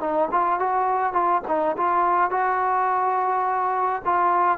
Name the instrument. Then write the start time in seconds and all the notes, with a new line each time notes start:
trombone
0.00 D#4
0.31 F4
0.59 F#4
1.13 F4
1.48 D#4
1.77 F4
2.31 F#4
4.05 F4